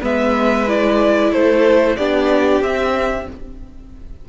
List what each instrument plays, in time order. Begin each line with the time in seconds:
0.00 cello G#3, viola B3, violin B4 E5
0.67 viola E4, violin D5
1.31 cello A3, violin A4 C5
1.96 cello B3, viola D4, violin G4 D5
2.61 cello C4, viola C4, violin E5